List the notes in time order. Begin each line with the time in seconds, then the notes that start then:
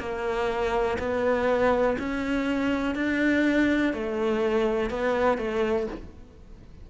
0.00 A#3
0.99 B3
1.99 C#4
2.95 D4
3.93 A3
4.90 B3
5.38 A3